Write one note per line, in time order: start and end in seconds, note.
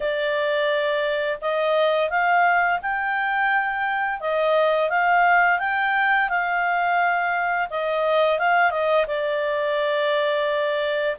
0.00 1.39 D5
1.41 2.09 D#5
2.09 2.79 F5
2.82 4.20 G5
4.20 4.89 D#5
4.89 5.59 F5
5.59 6.29 G5
6.29 7.68 F5
7.70 8.38 D#5
8.38 8.71 F5
8.71 9.05 D#5
9.07 11.16 D5